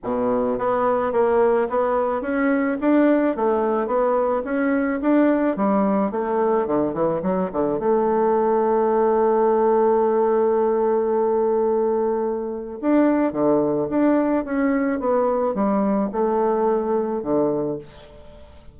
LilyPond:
\new Staff \with { instrumentName = "bassoon" } { \time 4/4 \tempo 4 = 108 b,4 b4 ais4 b4 | cis'4 d'4 a4 b4 | cis'4 d'4 g4 a4 | d8 e8 fis8 d8 a2~ |
a1~ | a2. d'4 | d4 d'4 cis'4 b4 | g4 a2 d4 | }